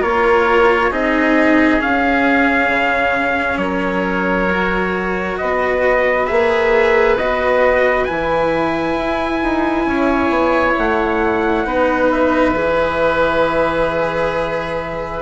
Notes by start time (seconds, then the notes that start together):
0.00 A#3 F4 A#4 C#5
0.90 C4 D#4 G#4 D#5
1.79 C#4 F5
2.68 C#3
3.57 F#3 A#4 C#5
4.49 F#4
5.37 B3 B4 D#5
6.26 A#3 G#4 E5
7.17 B3 F#4 D#5
8.04 E3 E4 G#5
8.96 E4
9.42 D#4
9.85 C#4 C#5
10.29 B3
10.78 A3 F#5
11.64 B3 D#4 B4
12.11 E5
12.54 E3 G#4